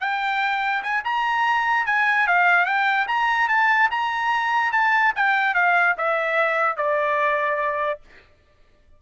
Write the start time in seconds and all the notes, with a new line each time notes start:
0.00 G5
0.83 G#5
1.04 A#5
1.86 G#5
2.27 F5
2.65 G5
3.07 A#5
3.48 A5
3.90 A#5
4.72 A5
5.15 G5
5.54 F5
5.97 E5
6.77 D5